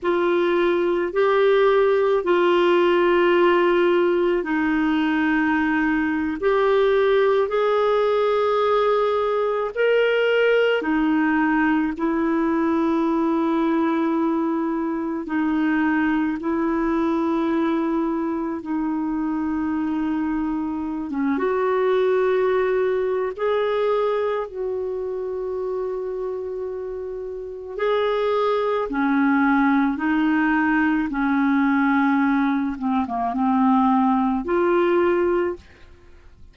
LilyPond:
\new Staff \with { instrumentName = "clarinet" } { \time 4/4 \tempo 4 = 54 f'4 g'4 f'2 | dis'4.~ dis'16 g'4 gis'4~ gis'16~ | gis'8. ais'4 dis'4 e'4~ e'16~ | e'4.~ e'16 dis'4 e'4~ e'16~ |
e'8. dis'2~ dis'16 cis'16 fis'8.~ | fis'4 gis'4 fis'2~ | fis'4 gis'4 cis'4 dis'4 | cis'4. c'16 ais16 c'4 f'4 | }